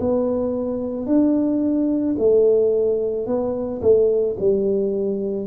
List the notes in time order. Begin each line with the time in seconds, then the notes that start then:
0.00 B3
1.07 D4
2.19 A3
3.27 B3
3.82 A3
4.39 G3